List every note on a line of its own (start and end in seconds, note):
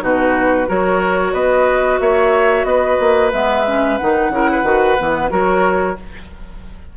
0.00 0.68 B2
0.00 0.66 D#4
0.00 0.68 F#4
0.00 0.69 B4
0.67 1.33 F#3
0.67 3.31 F#4
0.67 1.33 A#4
0.67 1.34 C#5
1.33 1.99 B3
1.33 1.99 B4
1.33 2.00 D#5
2.00 2.64 A#3
2.00 2.67 C#5
2.00 2.65 E5
2.64 2.97 B3
2.64 4.31 B4
2.64 3.31 D#5
2.99 3.32 A#3
3.32 3.99 G#3
3.32 3.65 B3
3.32 3.98 E5
3.66 3.99 C#4
3.98 4.30 D#3
3.98 4.33 D#4
3.98 5.30 F#5
4.30 4.63 C#3
4.30 4.64 E4
4.30 4.50 A#4
4.52 5.31 B4
4.63 4.96 D#3
4.63 4.97 F#4
4.98 5.31 E3
4.98 5.30 B3
5.30 5.97 F#3
5.30 5.96 F#4
5.30 5.97 A#4
5.30 5.97 C#5